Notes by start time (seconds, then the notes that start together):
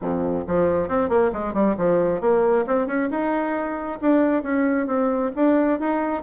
0.01 F2
0.47 F3
0.88 C4
1.09 A#3
1.33 G#3
1.53 G3
1.77 F3
2.20 A#3
2.66 C4
2.86 C#4
3.10 D#4
4.01 D4
4.43 C#4
4.86 C4
5.35 D4
5.79 D#4